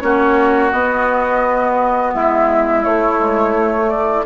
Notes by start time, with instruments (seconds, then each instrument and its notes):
0.00 bassoon A#3, clarinet C#4, oboe F#4, flute C#5
0.71 bassoon B3, clarinet B3, flute D#5
2.13 bassoon G#3, oboe E4, flute E5
2.84 clarinet A3, bassoon A3, flute C#5
3.18 clarinet G#3
3.56 clarinet A3
3.89 flute D5